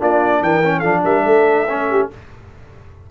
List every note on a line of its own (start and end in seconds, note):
0.00 0.42 A#3
0.00 0.62 D4
0.00 0.43 F4
0.00 0.43 D5
0.42 0.84 E3
0.42 0.79 A#4
0.42 0.80 G5
0.64 0.84 C#4
0.79 1.05 F3
0.79 1.68 D4
0.79 1.00 A4
0.79 1.01 F5
1.04 1.25 G3
1.04 1.25 A#4
1.04 2.09 E5
1.25 2.09 A3
1.25 1.89 A4
1.69 2.11 C#4
1.90 2.11 G4